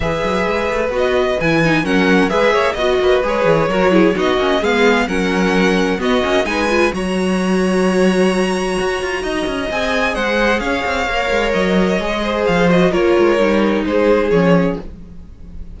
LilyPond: <<
  \new Staff \with { instrumentName = "violin" } { \time 4/4 \tempo 4 = 130 e''2 dis''4 gis''4 | fis''4 e''4 dis''4 cis''4~ | cis''4 dis''4 f''4 fis''4~ | fis''4 dis''4 gis''4 ais''4~ |
ais''1~ | ais''4 gis''4 fis''4 f''4~ | f''4 dis''2 f''8 dis''8 | cis''2 c''4 cis''4 | }
  \new Staff \with { instrumentName = "violin" } { \time 4/4 b'1 | ais'4 b'8 cis''8 dis''8 b'4. | ais'8 gis'8 fis'4 gis'4 ais'4~ | ais'4 fis'4 b'4 cis''4~ |
cis''1 | dis''2 c''4 cis''4~ | cis''2~ cis''8 c''4. | ais'2 gis'2 | }
  \new Staff \with { instrumentName = "viola" } { \time 4/4 gis'2 fis'4 e'8 dis'8 | cis'4 gis'4 fis'4 gis'4 | fis'8 e'8 dis'8 cis'8 b4 cis'4~ | cis'4 b8 cis'8 dis'8 f'8 fis'4~ |
fis'1~ | fis'4 gis'2. | ais'2 gis'4. fis'8 | f'4 dis'2 cis'4 | }
  \new Staff \with { instrumentName = "cello" } { \time 4/4 e8 fis8 gis8 a8 b4 e4 | fis4 gis8 ais8 b8 ais8 gis8 e8 | fis4 b8 ais8 gis4 fis4~ | fis4 b8 ais8 gis4 fis4~ |
fis2. fis'8 f'8 | dis'8 cis'8 c'4 gis4 cis'8 c'8 | ais8 gis8 fis4 gis4 f4 | ais8 gis8 g4 gis4 f4 | }
>>